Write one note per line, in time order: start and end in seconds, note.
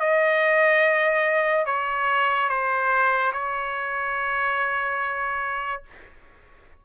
0.00 1.66 D#5
1.66 2.49 C#5
2.49 3.33 C5
3.33 5.83 C#5